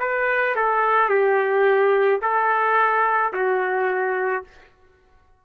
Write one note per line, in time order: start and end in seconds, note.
0.00 0.56 B4
0.56 1.10 A4
1.10 2.21 G4
2.22 3.33 A4
3.33 4.44 F#4